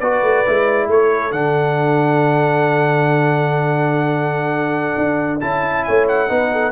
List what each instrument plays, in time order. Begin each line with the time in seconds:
0.00 tuba B3, trombone F#4, horn B4, trumpet D5
0.23 tuba A3
0.46 tuba G#3, trombone E4
0.87 tuba A3, horn A4, trumpet C#5
1.32 tuba D3, trombone D4, trumpet F#5
4.98 tuba D4
5.41 tuba C#4, trombone E4, trumpet A5
5.85 tuba A3, horn C#5, trumpet G#5
6.08 trumpet F#5
6.29 tuba B3, trombone D#4, horn B4
6.52 horn A4